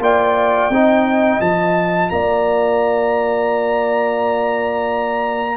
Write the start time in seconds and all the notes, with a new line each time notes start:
0.00 A#3 F4 D5 G5
0.70 C4 D#4 D#5
1.41 F3 F4 A5
2.10 A#3 D5 A#5